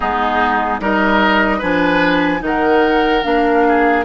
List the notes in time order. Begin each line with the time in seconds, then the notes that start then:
0.00 G#3 B3 D#4 G#4
0.80 G3 D#4 A#4 D#5
1.58 F3 D4 B4 G#5
2.39 D#3 D#4
2.45 A#4 F#5
3.23 A#3 D4 F5
3.68 G#4